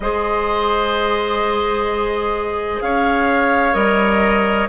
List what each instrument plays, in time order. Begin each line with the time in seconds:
0.00 bassoon G#3, clarinet G#4, oboe C5, flute D#5
2.81 bassoon C#4, oboe C#5, flute F5
3.73 bassoon G3, clarinet A#4, flute D#5